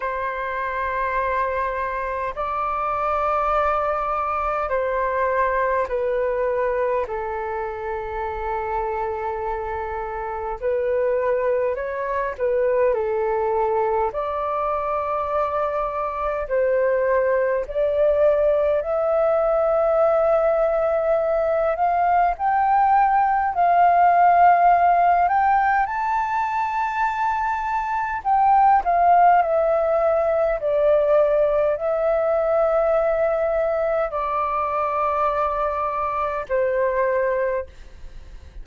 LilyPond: \new Staff \with { instrumentName = "flute" } { \time 4/4 \tempo 4 = 51 c''2 d''2 | c''4 b'4 a'2~ | a'4 b'4 cis''8 b'8 a'4 | d''2 c''4 d''4 |
e''2~ e''8 f''8 g''4 | f''4. g''8 a''2 | g''8 f''8 e''4 d''4 e''4~ | e''4 d''2 c''4 | }